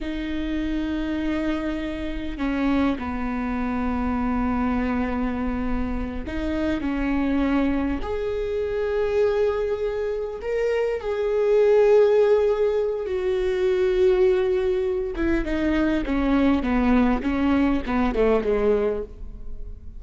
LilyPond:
\new Staff \with { instrumentName = "viola" } { \time 4/4 \tempo 4 = 101 dis'1 | cis'4 b2.~ | b2~ b8 dis'4 cis'8~ | cis'4. gis'2~ gis'8~ |
gis'4. ais'4 gis'4.~ | gis'2 fis'2~ | fis'4. e'8 dis'4 cis'4 | b4 cis'4 b8 a8 gis4 | }